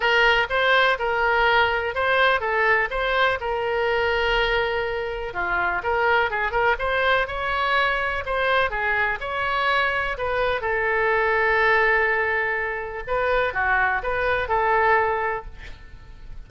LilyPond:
\new Staff \with { instrumentName = "oboe" } { \time 4/4 \tempo 4 = 124 ais'4 c''4 ais'2 | c''4 a'4 c''4 ais'4~ | ais'2. f'4 | ais'4 gis'8 ais'8 c''4 cis''4~ |
cis''4 c''4 gis'4 cis''4~ | cis''4 b'4 a'2~ | a'2. b'4 | fis'4 b'4 a'2 | }